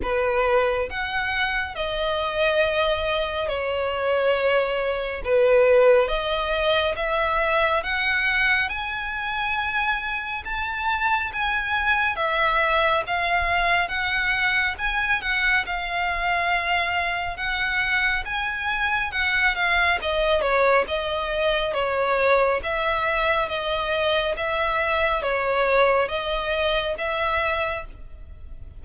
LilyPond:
\new Staff \with { instrumentName = "violin" } { \time 4/4 \tempo 4 = 69 b'4 fis''4 dis''2 | cis''2 b'4 dis''4 | e''4 fis''4 gis''2 | a''4 gis''4 e''4 f''4 |
fis''4 gis''8 fis''8 f''2 | fis''4 gis''4 fis''8 f''8 dis''8 cis''8 | dis''4 cis''4 e''4 dis''4 | e''4 cis''4 dis''4 e''4 | }